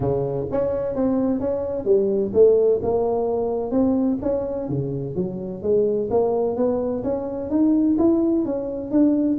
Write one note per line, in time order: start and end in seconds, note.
0.00 0.47 C#3
0.51 0.95 C#4
0.95 1.40 C4
1.40 1.84 C#4
1.84 2.31 G3
2.33 2.80 A3
2.82 3.71 A#3
3.71 4.18 C4
4.22 4.69 C#4
4.69 5.15 C#3
5.15 5.62 F#3
5.62 6.09 G#3
6.10 6.56 A#3
6.56 7.03 B3
7.03 7.50 C#4
7.50 7.96 D#4
7.98 8.45 E4
8.45 8.91 C#4
8.91 9.38 D4